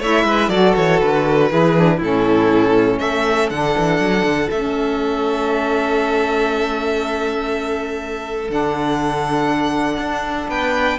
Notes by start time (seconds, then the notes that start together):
0.00 A3 E4 C#5 E5
0.24 G#3 B4
0.49 F#3 F#4 A4 D5
0.76 E3 C#5
1.00 D3 B4
1.50 E3 E4 G#4
1.76 D4
1.98 A2 C#4 E4
2.04 A4
2.99 A3 A4 E5
3.50 D3 D4 F#5
3.79 E3
4.00 F#3
4.23 D3
4.50 A3 C#4 E5
8.49 D3 D4 F#5
9.98 D4
10.48 B3 B4 G5